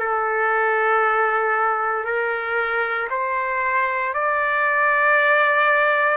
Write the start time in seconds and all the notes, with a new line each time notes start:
0.00 A4
2.05 A#4
3.11 C5
4.14 D5